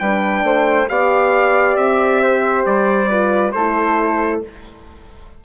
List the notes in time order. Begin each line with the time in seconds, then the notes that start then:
0.00 G3 D4 B4 G5
0.44 A3 C5
0.88 B3 G4 D5 F5
1.77 C4 E5
2.23 C5
2.66 G3 D5
3.09 F4 B4
3.52 A3 E4 A4 C5